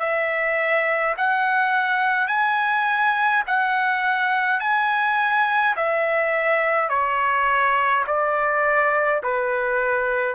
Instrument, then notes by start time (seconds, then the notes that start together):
trumpet
0.00 E5
1.17 F#5
2.28 G#5
3.47 F#5
4.60 G#5
5.77 E5
6.89 C#5
8.07 D5
9.23 B4